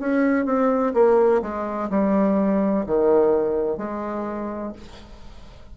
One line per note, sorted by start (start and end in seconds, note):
0.00 0.45 C#4
0.45 0.93 C4
0.94 1.42 A#3
1.42 1.90 G#3
1.90 2.85 G3
2.87 3.77 D#3
3.77 4.73 G#3